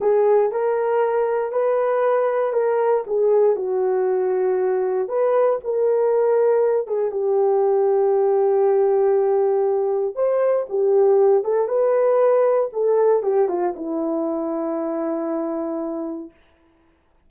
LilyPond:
\new Staff \with { instrumentName = "horn" } { \time 4/4 \tempo 4 = 118 gis'4 ais'2 b'4~ | b'4 ais'4 gis'4 fis'4~ | fis'2 b'4 ais'4~ | ais'4. gis'8 g'2~ |
g'1 | c''4 g'4. a'8 b'4~ | b'4 a'4 g'8 f'8 e'4~ | e'1 | }